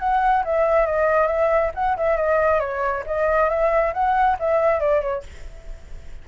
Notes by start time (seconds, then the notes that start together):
0.00 F#5
0.45 E5
0.87 D#5
1.28 E5
1.75 F#5
1.97 E5
2.17 D#5
2.60 C#5
3.07 D#5
3.50 E5
3.94 F#5
4.40 E5
4.80 D5
5.01 C#5